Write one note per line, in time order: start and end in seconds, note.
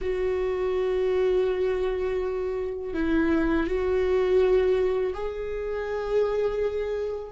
0.01 2.93 F#4
2.93 3.66 E4
3.66 5.13 F#4
5.13 7.31 G#4